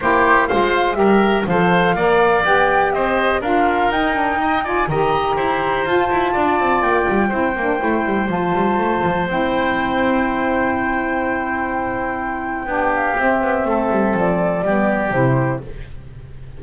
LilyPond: <<
  \new Staff \with { instrumentName = "flute" } { \time 4/4 \tempo 4 = 123 c''4 f''4 e''4 f''4~ | f''4 g''4 dis''4 f''4 | g''4. gis''8 ais''2 | a''2 g''2~ |
g''4 a''2 g''4~ | g''1~ | g''2~ g''8 f''8 e''4~ | e''4 d''2 c''4 | }
  \new Staff \with { instrumentName = "oboe" } { \time 4/4 g'4 c''4 ais'4 c''4 | d''2 c''4 ais'4~ | ais'4 dis''8 d''8 dis''4 c''4~ | c''4 d''2 c''4~ |
c''1~ | c''1~ | c''2 g'2 | a'2 g'2 | }
  \new Staff \with { instrumentName = "saxophone" } { \time 4/4 e'4 f'4 g'4 a'4 | ais'4 g'2 f'4 | dis'8 d'8 dis'8 f'8 g'2 | f'2. e'8 d'8 |
e'4 f'2 e'4~ | e'1~ | e'2 d'4 c'4~ | c'2 b4 e'4 | }
  \new Staff \with { instrumentName = "double bass" } { \time 4/4 ais4 gis4 g4 f4 | ais4 b4 c'4 d'4 | dis'2 dis4 e'4 | f'8 e'8 d'8 c'8 ais8 g8 c'8 ais8 |
a8 g8 f8 g8 a8 f8 c'4~ | c'1~ | c'2 b4 c'8 b8 | a8 g8 f4 g4 c4 | }
>>